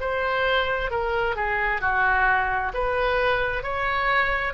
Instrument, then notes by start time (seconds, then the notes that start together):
oboe
0.00 C5
0.90 A#4
1.36 G#4
1.81 F#4
2.74 B4
3.63 C#5